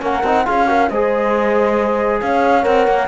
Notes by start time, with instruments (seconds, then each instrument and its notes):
0.00 cello A#3, trombone C#4, horn A#4, flute F#5
0.23 cello C4, trombone D#4
0.45 cello C#4, trombone F4, horn G#4, flute F5
0.66 trombone F#4, horn A#4
0.89 cello G#3, trombone G#4, horn C5, flute D#5
2.21 cello C#4, horn C#5, flute F5
2.62 cello C4, trombone A#4, flute F#5
2.87 cello A#3